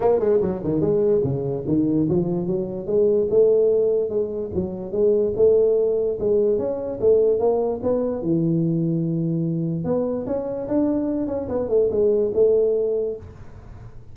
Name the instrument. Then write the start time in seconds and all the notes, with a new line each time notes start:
tuba
0.00 A#3
0.19 G#3
0.41 F#3
0.63 D#3
0.80 G#3
1.23 C#3
1.67 D#3
2.09 F3
2.47 F#3
2.86 G#3
3.30 A3
4.09 G#3
4.54 F#3
4.92 G#3
5.36 A3
6.19 G#3
6.58 C#4
7.00 A3
7.39 A#3
7.83 B3
8.22 E3
9.84 B3
10.26 C#4
10.68 D4
11.27 C#4
11.48 B3
11.69 A3
11.90 G#3
12.34 A3